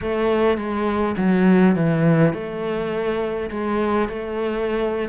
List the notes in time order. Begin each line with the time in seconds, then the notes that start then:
0.01 A3
0.57 G#3
1.17 F#3
1.75 E3
2.33 A3
3.50 G#3
4.08 A3